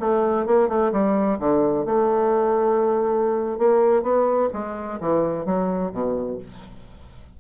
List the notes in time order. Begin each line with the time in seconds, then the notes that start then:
0.00 A3
0.47 A#3
0.69 A3
0.92 G3
1.39 D3
1.86 A3
3.58 A#3
4.03 B3
4.53 G#3
5.00 E3
5.46 F#3
5.92 B2